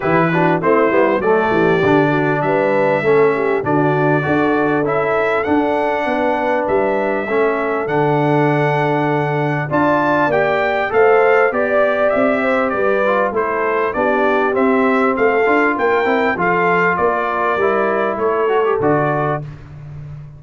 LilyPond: <<
  \new Staff \with { instrumentName = "trumpet" } { \time 4/4 \tempo 4 = 99 b'4 c''4 d''2 | e''2 d''2 | e''4 fis''2 e''4~ | e''4 fis''2. |
a''4 g''4 f''4 d''4 | e''4 d''4 c''4 d''4 | e''4 f''4 g''4 f''4 | d''2 cis''4 d''4 | }
  \new Staff \with { instrumentName = "horn" } { \time 4/4 g'8 fis'8 e'4 a'8 g'4 fis'8 | b'4 a'8 g'8 fis'4 a'4~ | a'2 b'2 | a'1 |
d''2 c''4 d''4~ | d''8 c''8 b'4 a'4 g'4~ | g'4 a'4 ais'4 a'4 | ais'2 a'2 | }
  \new Staff \with { instrumentName = "trombone" } { \time 4/4 e'8 d'8 c'8 b8 a4 d'4~ | d'4 cis'4 d'4 fis'4 | e'4 d'2. | cis'4 d'2. |
f'4 g'4 a'4 g'4~ | g'4. f'8 e'4 d'4 | c'4. f'4 e'8 f'4~ | f'4 e'4. fis'16 g'16 fis'4 | }
  \new Staff \with { instrumentName = "tuba" } { \time 4/4 e4 a8 g8 fis8 e8 d4 | g4 a4 d4 d'4 | cis'4 d'4 b4 g4 | a4 d2. |
d'4 ais4 a4 b4 | c'4 g4 a4 b4 | c'4 a8 d'8 ais8 c'8 f4 | ais4 g4 a4 d4 | }
>>